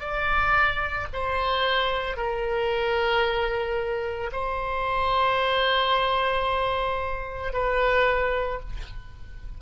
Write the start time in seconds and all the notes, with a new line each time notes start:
0.00 D5
1.13 C5
2.17 A#4
4.32 C5
7.53 B4